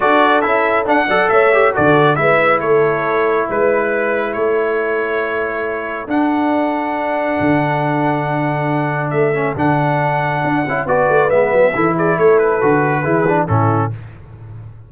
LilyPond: <<
  \new Staff \with { instrumentName = "trumpet" } { \time 4/4 \tempo 4 = 138 d''4 e''4 fis''4 e''4 | d''4 e''4 cis''2 | b'2 cis''2~ | cis''2 fis''2~ |
fis''1~ | fis''4 e''4 fis''2~ | fis''4 d''4 e''4. d''8 | cis''8 b'2~ b'8 a'4 | }
  \new Staff \with { instrumentName = "horn" } { \time 4/4 a'2~ a'8 d''8 cis''4 | a'4 b'4 a'2 | b'2 a'2~ | a'1~ |
a'1~ | a'1~ | a'4 b'2 a'8 gis'8 | a'2 gis'4 e'4 | }
  \new Staff \with { instrumentName = "trombone" } { \time 4/4 fis'4 e'4 d'8 a'4 g'8 | fis'4 e'2.~ | e'1~ | e'2 d'2~ |
d'1~ | d'4. cis'8 d'2~ | d'8 e'8 fis'4 b4 e'4~ | e'4 fis'4 e'8 d'8 cis'4 | }
  \new Staff \with { instrumentName = "tuba" } { \time 4/4 d'4 cis'4 d'8 fis8 a4 | d4 gis4 a2 | gis2 a2~ | a2 d'2~ |
d'4 d2.~ | d4 a4 d2 | d'8 cis'8 b8 a8 gis8 fis8 e4 | a4 d4 e4 a,4 | }
>>